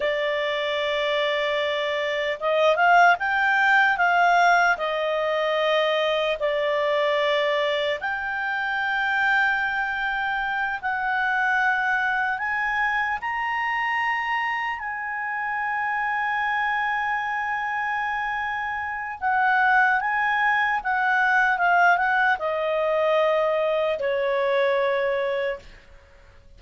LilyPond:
\new Staff \with { instrumentName = "clarinet" } { \time 4/4 \tempo 4 = 75 d''2. dis''8 f''8 | g''4 f''4 dis''2 | d''2 g''2~ | g''4. fis''2 gis''8~ |
gis''8 ais''2 gis''4.~ | gis''1 | fis''4 gis''4 fis''4 f''8 fis''8 | dis''2 cis''2 | }